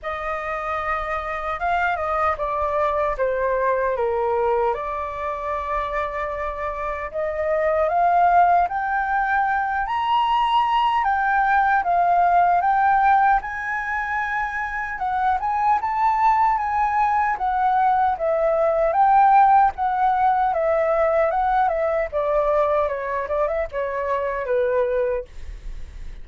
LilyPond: \new Staff \with { instrumentName = "flute" } { \time 4/4 \tempo 4 = 76 dis''2 f''8 dis''8 d''4 | c''4 ais'4 d''2~ | d''4 dis''4 f''4 g''4~ | g''8 ais''4. g''4 f''4 |
g''4 gis''2 fis''8 gis''8 | a''4 gis''4 fis''4 e''4 | g''4 fis''4 e''4 fis''8 e''8 | d''4 cis''8 d''16 e''16 cis''4 b'4 | }